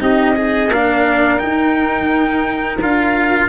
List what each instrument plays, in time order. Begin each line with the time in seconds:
0.00 tuba C4, cello D#4, flute G4, trumpet D#5
0.36 flute D#4, cello G#4
0.69 tuba A#3, cello D4, flute A#4, trumpet F5
1.38 cello D#4, tuba D#4, trumpet G5
2.81 tuba D4, cello F4, trumpet F5